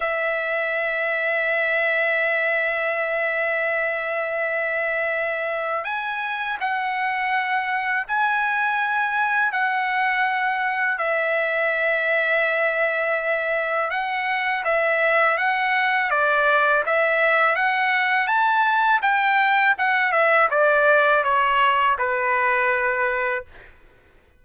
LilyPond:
\new Staff \with { instrumentName = "trumpet" } { \time 4/4 \tempo 4 = 82 e''1~ | e''1 | gis''4 fis''2 gis''4~ | gis''4 fis''2 e''4~ |
e''2. fis''4 | e''4 fis''4 d''4 e''4 | fis''4 a''4 g''4 fis''8 e''8 | d''4 cis''4 b'2 | }